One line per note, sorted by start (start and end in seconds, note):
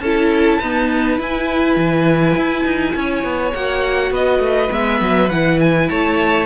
0.00 0.59 C#4
0.00 0.63 E4
0.00 0.59 A4
0.00 1.18 A5
0.59 1.18 B3
0.59 1.19 D#4
0.59 2.94 B4
1.18 3.53 E4
1.18 1.77 E4
1.18 3.54 G#5
1.77 2.35 E3
2.36 2.65 E4
2.65 2.94 D#4
2.95 3.24 C#4
2.95 4.12 C#5
3.24 3.53 B3
3.54 4.11 A#3
3.54 4.70 F#4
3.54 4.12 F#5
4.11 4.39 B3
4.11 5.89 B4
4.11 4.73 D#5
4.39 4.69 A3
4.70 5.01 G#3
4.70 5.29 B3
4.70 5.30 E5
5.01 5.30 F#3
5.30 5.89 E3
5.30 6.46 E4
5.30 5.59 F#5
5.60 5.90 G#5
5.89 6.46 A3
5.89 6.46 C#5
5.89 6.46 A5